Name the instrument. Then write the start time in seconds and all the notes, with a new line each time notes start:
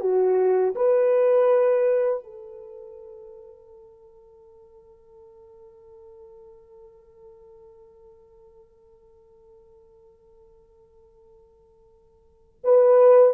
horn
0.00 F#4
0.75 B4
2.23 A4
12.64 B4